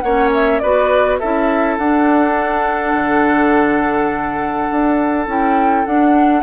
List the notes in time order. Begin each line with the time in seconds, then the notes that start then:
0.00 A#3 C#4 C#5 F#5
0.34 E5
0.59 B3 F#4 B4 D5
1.19 C#4 E4 A4 E5
1.78 D4 F#5
2.93 D3
4.71 D4
5.27 C#4 E4 G5
5.85 D4 F#5